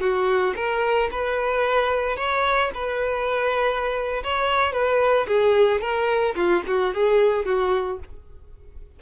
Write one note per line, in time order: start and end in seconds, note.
0.00 0.54 F#4
0.55 1.09 A#4
1.11 2.16 B4
2.16 2.70 C#5
2.74 4.23 B4
4.23 4.72 C#5
4.72 5.26 B4
5.27 5.81 G#4
5.81 6.35 A#4
6.35 6.62 F4
6.67 6.94 F#4
6.94 7.45 G#4
7.45 7.99 F#4